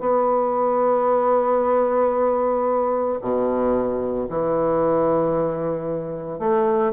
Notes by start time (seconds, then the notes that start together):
0.00 B3
3.22 B2
4.29 E3
6.39 A3